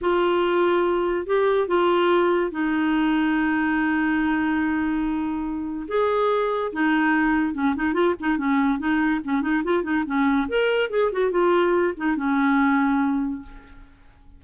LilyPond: \new Staff \with { instrumentName = "clarinet" } { \time 4/4 \tempo 4 = 143 f'2. g'4 | f'2 dis'2~ | dis'1~ | dis'2 gis'2 |
dis'2 cis'8 dis'8 f'8 dis'8 | cis'4 dis'4 cis'8 dis'8 f'8 dis'8 | cis'4 ais'4 gis'8 fis'8 f'4~ | f'8 dis'8 cis'2. | }